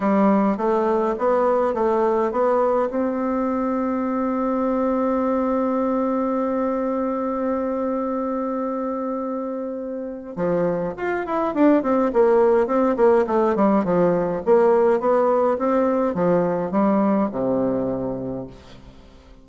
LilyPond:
\new Staff \with { instrumentName = "bassoon" } { \time 4/4 \tempo 4 = 104 g4 a4 b4 a4 | b4 c'2.~ | c'1~ | c'1~ |
c'2 f4 f'8 e'8 | d'8 c'8 ais4 c'8 ais8 a8 g8 | f4 ais4 b4 c'4 | f4 g4 c2 | }